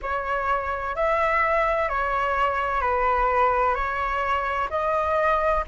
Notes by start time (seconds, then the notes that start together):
0.02 C#5
0.95 E5
1.88 C#5
2.81 B4
3.75 C#5
4.70 D#5